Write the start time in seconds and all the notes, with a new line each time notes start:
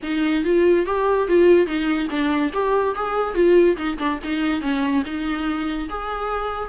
0.02 D#4
0.44 F4
0.86 G4
1.28 F4
1.66 D#4
2.09 D4
2.53 G4
2.95 G#4
3.34 F4
3.76 D#4
3.98 D4
4.23 D#4
4.61 C#4
5.05 D#4
5.89 G#4